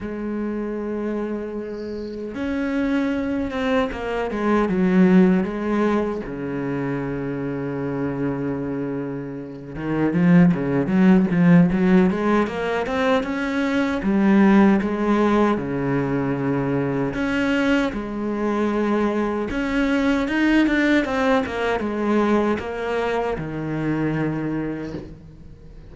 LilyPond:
\new Staff \with { instrumentName = "cello" } { \time 4/4 \tempo 4 = 77 gis2. cis'4~ | cis'8 c'8 ais8 gis8 fis4 gis4 | cis1~ | cis8 dis8 f8 cis8 fis8 f8 fis8 gis8 |
ais8 c'8 cis'4 g4 gis4 | cis2 cis'4 gis4~ | gis4 cis'4 dis'8 d'8 c'8 ais8 | gis4 ais4 dis2 | }